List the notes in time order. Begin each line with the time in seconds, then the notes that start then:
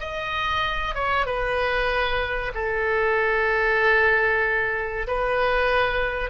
0.00 D#5
0.95 C#5
1.26 B4
2.54 A4
5.07 B4